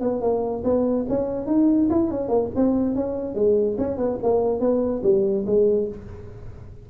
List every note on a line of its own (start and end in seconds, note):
0.00 0.21 B3
0.21 0.63 A#3
0.64 1.05 B3
1.09 1.46 C#4
1.46 1.88 D#4
1.90 2.11 E4
2.11 2.28 C#4
2.28 2.49 A#3
2.55 2.95 C4
2.95 3.35 C#4
3.35 3.77 G#3
3.78 3.97 C#4
3.97 4.18 B3
4.22 4.60 A#3
4.60 5.02 B3
5.03 5.45 G3
5.46 5.88 G#3